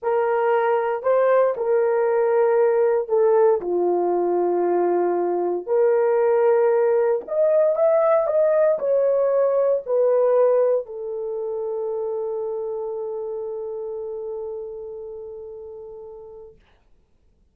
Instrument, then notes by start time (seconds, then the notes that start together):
horn
0.02 A#4
1.02 C5
1.57 A#4
3.08 A4
3.60 F4
5.66 A#4
7.27 D#5
7.75 E5
8.26 D#5
8.78 C#5
9.86 B4
10.86 A4